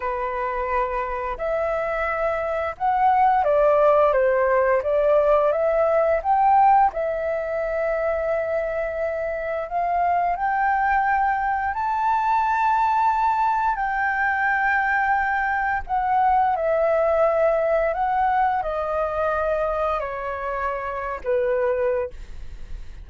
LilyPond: \new Staff \with { instrumentName = "flute" } { \time 4/4 \tempo 4 = 87 b'2 e''2 | fis''4 d''4 c''4 d''4 | e''4 g''4 e''2~ | e''2 f''4 g''4~ |
g''4 a''2. | g''2. fis''4 | e''2 fis''4 dis''4~ | dis''4 cis''4.~ cis''16 b'4~ b'16 | }